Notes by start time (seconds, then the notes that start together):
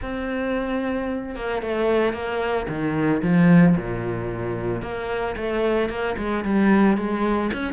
0.01 C4
1.35 A#3
1.61 A3
2.13 A#3
2.68 D#3
3.22 F3
3.76 A#2
4.81 A#3
5.36 A3
5.89 A#3
6.17 G#3
6.44 G3
6.97 G#3
7.53 C#4